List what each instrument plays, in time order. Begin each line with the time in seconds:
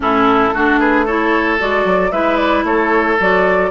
0.00 bassoon A2, clarinet C#4, oboe E4, flute A4
0.53 bassoon A3, clarinet D4, oboe F#4
0.79 oboe G#4, flute B4
1.05 clarinet E4, oboe A4, flute C#5
1.58 bassoon G#3, clarinet F#4, flute D5
1.84 bassoon F#3
2.11 bassoon G#3, clarinet E4, oboe B4, flute E5
2.36 flute D5
2.63 bassoon A3, oboe A4, flute C#5
3.19 bassoon F#3, clarinet F#4, flute D5